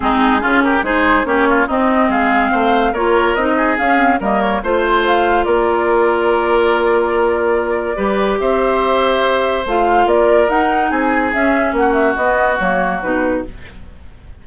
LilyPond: <<
  \new Staff \with { instrumentName = "flute" } { \time 4/4 \tempo 4 = 143 gis'4. ais'8 c''4 cis''4 | dis''4 f''2 cis''4 | dis''4 f''4 dis''8 cis''8 c''4 | f''4 d''2.~ |
d''1 | e''2. f''4 | d''4 fis''4 gis''4 e''4 | fis''8 e''8 dis''4 cis''4 b'4 | }
  \new Staff \with { instrumentName = "oboe" } { \time 4/4 dis'4 f'8 g'8 gis'4 g'8 f'8 | dis'4 gis'4 c''4 ais'4~ | ais'8 gis'4. ais'4 c''4~ | c''4 ais'2.~ |
ais'2. b'4 | c''1 | ais'2 gis'2 | fis'1 | }
  \new Staff \with { instrumentName = "clarinet" } { \time 4/4 c'4 cis'4 dis'4 cis'4 | c'2. f'4 | dis'4 cis'8 c'8 ais4 f'4~ | f'1~ |
f'2. g'4~ | g'2. f'4~ | f'4 dis'2 cis'4~ | cis'4 b4 ais4 dis'4 | }
  \new Staff \with { instrumentName = "bassoon" } { \time 4/4 gis4 cis4 gis4 ais4 | c'4 gis4 a4 ais4 | c'4 cis'4 g4 a4~ | a4 ais2.~ |
ais2. g4 | c'2. a4 | ais4 dis'4 c'4 cis'4 | ais4 b4 fis4 b,4 | }
>>